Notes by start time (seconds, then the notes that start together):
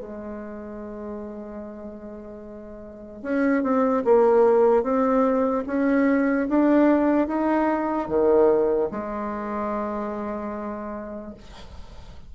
0.00 G#3
3.23 C#4
3.63 C4
4.05 A#3
4.83 C4
5.67 C#4
6.49 D4
7.28 D#4
8.09 D#3
8.91 G#3